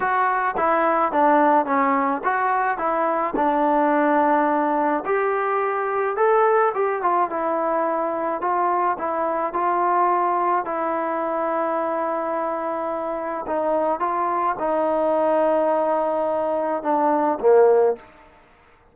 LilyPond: \new Staff \with { instrumentName = "trombone" } { \time 4/4 \tempo 4 = 107 fis'4 e'4 d'4 cis'4 | fis'4 e'4 d'2~ | d'4 g'2 a'4 | g'8 f'8 e'2 f'4 |
e'4 f'2 e'4~ | e'1 | dis'4 f'4 dis'2~ | dis'2 d'4 ais4 | }